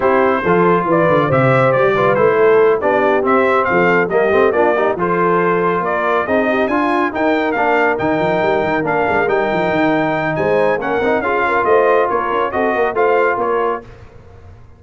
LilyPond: <<
  \new Staff \with { instrumentName = "trumpet" } { \time 4/4 \tempo 4 = 139 c''2 d''4 e''4 | d''4 c''4. d''4 e''8~ | e''8 f''4 dis''4 d''4 c''8~ | c''4. d''4 dis''4 gis''8~ |
gis''8 g''4 f''4 g''4.~ | g''8 f''4 g''2~ g''8 | gis''4 fis''4 f''4 dis''4 | cis''4 dis''4 f''4 cis''4 | }
  \new Staff \with { instrumentName = "horn" } { \time 4/4 g'4 a'4 b'4 c''4~ | c''8 b'4 a'4 g'4.~ | g'8 a'4 g'4 f'8 g'8 a'8~ | a'4. ais'4 gis'8 g'8 f'8~ |
f'8 ais'2.~ ais'8~ | ais'1 | c''4 ais'4 gis'8 ais'8 c''4 | ais'4 a'8 ais'8 c''4 ais'4 | }
  \new Staff \with { instrumentName = "trombone" } { \time 4/4 e'4 f'2 g'4~ | g'8 f'8 e'4. d'4 c'8~ | c'4. ais8 c'8 d'8 dis'8 f'8~ | f'2~ f'8 dis'4 f'8~ |
f'8 dis'4 d'4 dis'4.~ | dis'8 d'4 dis'2~ dis'8~ | dis'4 cis'8 dis'8 f'2~ | f'4 fis'4 f'2 | }
  \new Staff \with { instrumentName = "tuba" } { \time 4/4 c'4 f4 e8 d8 c4 | g4 a4. b4 c'8~ | c'8 f4 g8 a8 ais4 f8~ | f4. ais4 c'4 d'8~ |
d'8 dis'4 ais4 dis8 f8 g8 | dis8 ais8 gis8 g8 f8 dis4. | gis4 ais8 c'8 cis'4 a4 | ais8 cis'8 c'8 ais8 a4 ais4 | }
>>